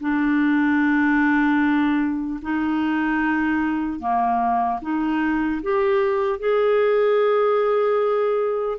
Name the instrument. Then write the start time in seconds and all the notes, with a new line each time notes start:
clarinet
0.00 D4
2.42 D#4
4.00 A#3
4.81 D#4
5.62 G4
6.39 G#4